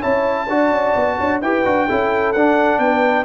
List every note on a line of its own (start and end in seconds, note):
0.00 0.48 C#4
0.00 0.47 E4
0.00 0.46 C#5
0.00 1.40 A5
0.48 0.71 D4
0.48 1.42 F#4
0.48 1.17 D5
0.71 0.95 C#4
0.95 1.18 B3
1.18 1.42 D4
1.18 1.41 C#5
1.41 1.65 E4
1.41 1.65 G4
1.41 1.88 B4
1.41 2.33 G5
1.65 1.88 D4
1.65 1.88 F#4
1.88 2.35 C#4
1.88 2.35 E4
1.88 2.80 A4
2.33 2.79 D4
2.33 3.25 D4
2.33 2.79 F#5
2.79 3.25 B3
2.79 3.25 B4
2.79 3.25 G5